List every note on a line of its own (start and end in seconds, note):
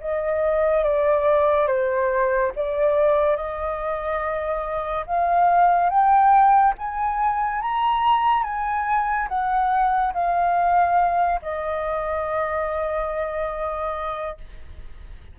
0.00 0.83 D#5
0.83 1.67 D5
1.67 2.51 C5
2.55 3.36 D5
3.36 5.05 D#5
5.06 5.89 F5
5.89 6.73 G5
6.78 7.61 G#5
7.61 8.43 A#5
8.43 9.27 G#5
9.28 10.13 F#5
10.13 11.40 F5
11.42 14.37 D#5